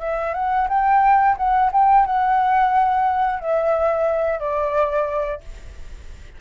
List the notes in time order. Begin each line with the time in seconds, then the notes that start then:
0.00 E5
0.34 F#5
0.69 G5
1.37 F#5
1.72 G5
2.06 F#5
3.40 E5
4.40 D5